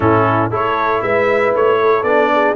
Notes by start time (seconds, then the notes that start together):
0.00 A2 C#4 E4 A4
0.49 A3 E4 A4 C#5
1.02 G#3 B4 E5
1.54 A3 C#5
1.81 A4
2.03 B3 D4 D5
2.33 G#4